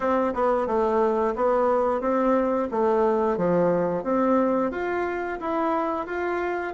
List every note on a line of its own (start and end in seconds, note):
0.00 0.33 C4
0.34 0.66 B3
0.66 1.34 A3
1.35 2.00 B3
2.00 2.68 C4
2.71 3.37 A3
3.37 4.03 F3
4.03 4.71 C4
4.71 5.38 F4
5.40 6.06 E4
6.06 6.73 F4